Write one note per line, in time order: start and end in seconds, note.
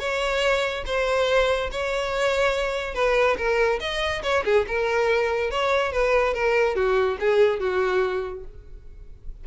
0.00 0.85 C#5
0.86 1.71 C5
1.72 2.95 C#5
2.95 3.37 B4
3.38 3.80 A#4
3.80 4.23 D#5
4.23 4.44 C#5
4.45 4.66 G#4
4.68 5.51 A#4
5.51 5.93 C#5
5.93 6.34 B4
6.34 6.76 A#4
6.76 7.18 F#4
7.20 7.60 G#4
7.60 8.45 F#4